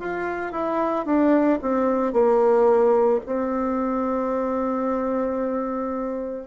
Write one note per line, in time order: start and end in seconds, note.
0.00 0.52 F4
0.52 1.06 E4
1.06 1.60 D4
1.62 2.13 C4
2.13 3.20 A#3
3.26 6.47 C4